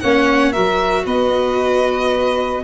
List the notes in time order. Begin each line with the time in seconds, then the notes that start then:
0.00 A#3 C#4 C#5 F#5
0.50 F#4 A#4 E5
0.57 F#3
1.05 B3 B4 D#5